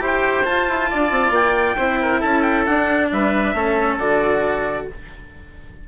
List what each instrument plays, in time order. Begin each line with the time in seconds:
0.00 bassoon E4, cello G4, oboe C5
0.06 trumpet G5
0.44 cello F4, bassoon F4, trumpet A5
0.69 bassoon E4
0.91 bassoon D4, oboe D5
1.11 bassoon C4
1.31 bassoon A#3, trumpet G5
1.77 bassoon C4, cello E4, oboe C5
2.02 oboe A#4
2.20 bassoon C#4, oboe A4, trumpet A5
2.43 trumpet G5
2.66 cello D4, bassoon D4, trumpet F#5
3.12 bassoon G3, oboe B4, trumpet E5
3.54 bassoon A3, cello C#4, oboe A4
4.00 bassoon D3, cello F#4, trumpet D5